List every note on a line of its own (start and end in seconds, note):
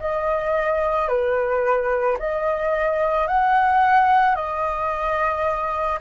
0.00 1.09 D#5
1.09 2.18 B4
2.19 3.28 D#5
3.28 4.36 F#5
4.36 6.00 D#5